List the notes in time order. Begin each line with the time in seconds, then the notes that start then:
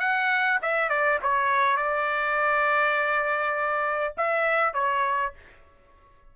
0.00 F#5
0.62 E5
0.89 D5
1.23 C#5
1.77 D5
4.17 E5
4.74 C#5